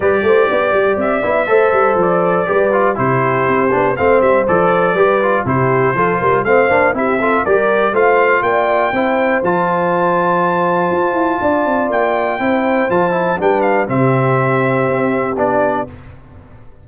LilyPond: <<
  \new Staff \with { instrumentName = "trumpet" } { \time 4/4 \tempo 4 = 121 d''2 e''2 | d''2 c''2 | f''8 e''8 d''2 c''4~ | c''4 f''4 e''4 d''4 |
f''4 g''2 a''4~ | a''1 | g''2 a''4 g''8 f''8 | e''2. d''4 | }
  \new Staff \with { instrumentName = "horn" } { \time 4/4 b'8 c''8 d''2 c''4~ | c''4 b'4 g'2 | c''2 b'4 g'4 | a'8 ais'8 c''4 g'8 a'8 ais'4 |
c''4 d''4 c''2~ | c''2. d''4~ | d''4 c''2 b'4 | g'1 | }
  \new Staff \with { instrumentName = "trombone" } { \time 4/4 g'2~ g'8 e'8 a'4~ | a'4 g'8 f'8 e'4. d'8 | c'4 a'4 g'8 f'8 e'4 | f'4 c'8 d'8 e'8 f'8 g'4 |
f'2 e'4 f'4~ | f'1~ | f'4 e'4 f'8 e'8 d'4 | c'2. d'4 | }
  \new Staff \with { instrumentName = "tuba" } { \time 4/4 g8 a8 b8 g8 c'8 b8 a8 g8 | f4 g4 c4 c'8 b8 | a8 g8 f4 g4 c4 | f8 g8 a8 ais8 c'4 g4 |
a4 ais4 c'4 f4~ | f2 f'8 e'8 d'8 c'8 | ais4 c'4 f4 g4 | c2 c'4 b4 | }
>>